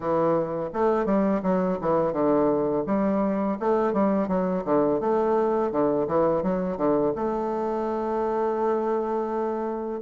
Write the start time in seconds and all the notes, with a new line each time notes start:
0.00 E3
0.73 A3
1.05 G3
1.43 F#3
1.81 E3
2.12 D3
2.86 G3
3.59 A3
3.93 G3
4.28 F#3
4.64 D3
5.00 A3
5.71 D3
6.07 E3
6.43 F#3
6.77 D3
7.15 A3